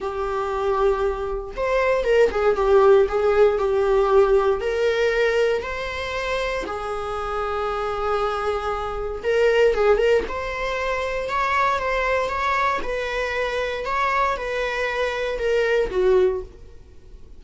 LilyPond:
\new Staff \with { instrumentName = "viola" } { \time 4/4 \tempo 4 = 117 g'2. c''4 | ais'8 gis'8 g'4 gis'4 g'4~ | g'4 ais'2 c''4~ | c''4 gis'2.~ |
gis'2 ais'4 gis'8 ais'8 | c''2 cis''4 c''4 | cis''4 b'2 cis''4 | b'2 ais'4 fis'4 | }